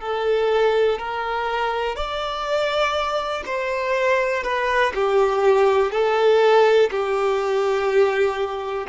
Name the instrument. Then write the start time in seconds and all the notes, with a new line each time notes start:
violin
0.00 A4
0.98 A#4
1.96 D5
3.46 C5
4.43 B4
4.94 G4
5.92 A4
6.90 G4